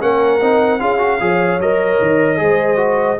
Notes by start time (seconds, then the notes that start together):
0.00 A#3 C#4 A#4 F#5
0.41 C4 D#4
0.80 C#4 F4 G#4 F5
0.99 F#4
1.20 F3 G#4 C#5
1.59 F#3 A#4 D#5
2.01 D#3
2.37 G#3 G#4 C5
2.77 F#4